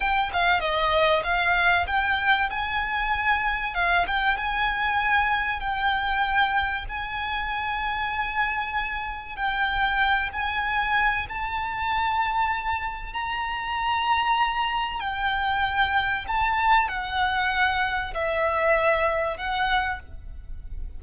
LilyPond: \new Staff \with { instrumentName = "violin" } { \time 4/4 \tempo 4 = 96 g''8 f''8 dis''4 f''4 g''4 | gis''2 f''8 g''8 gis''4~ | gis''4 g''2 gis''4~ | gis''2. g''4~ |
g''8 gis''4. a''2~ | a''4 ais''2. | g''2 a''4 fis''4~ | fis''4 e''2 fis''4 | }